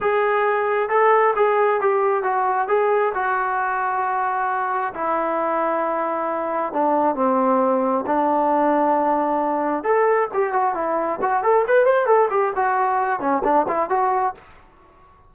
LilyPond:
\new Staff \with { instrumentName = "trombone" } { \time 4/4 \tempo 4 = 134 gis'2 a'4 gis'4 | g'4 fis'4 gis'4 fis'4~ | fis'2. e'4~ | e'2. d'4 |
c'2 d'2~ | d'2 a'4 g'8 fis'8 | e'4 fis'8 a'8 b'8 c''8 a'8 g'8 | fis'4. cis'8 d'8 e'8 fis'4 | }